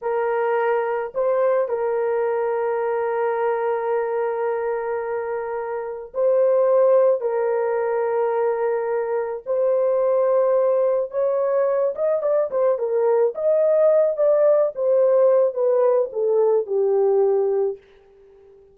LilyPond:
\new Staff \with { instrumentName = "horn" } { \time 4/4 \tempo 4 = 108 ais'2 c''4 ais'4~ | ais'1~ | ais'2. c''4~ | c''4 ais'2.~ |
ais'4 c''2. | cis''4. dis''8 d''8 c''8 ais'4 | dis''4. d''4 c''4. | b'4 a'4 g'2 | }